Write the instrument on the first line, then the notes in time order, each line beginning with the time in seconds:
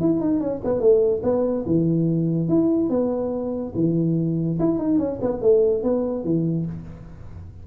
tuba
0.00 E4
0.20 D#4
0.40 C#4
0.64 B3
0.80 A3
1.23 B3
1.66 E3
2.48 E4
2.90 B3
3.75 E3
4.59 E4
4.78 D#4
4.98 C#4
5.21 B3
5.41 A3
5.83 B3
6.24 E3